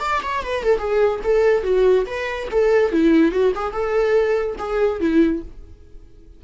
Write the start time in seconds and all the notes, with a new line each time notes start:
0.00 D5
0.23 C#5
0.43 B4
0.63 A4
0.78 G#4
1.23 A4
1.63 F#4
2.06 B4
2.51 A4
2.92 E4
3.32 F#4
3.55 G#4
3.73 A4
4.59 G#4
5.00 E4